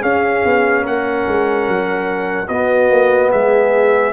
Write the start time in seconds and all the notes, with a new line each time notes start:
0.00 C#4 G#4 F5
0.45 B3
0.83 A#3 A#4 F#5
1.27 G#3
1.67 F#3
2.48 B3 F#4 D#5
2.90 A#3
3.31 G#3 G#4 E5